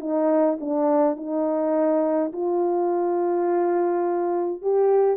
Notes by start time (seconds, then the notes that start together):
0.00 D#4
0.60 D4
1.16 D#4
2.32 F4
4.62 G4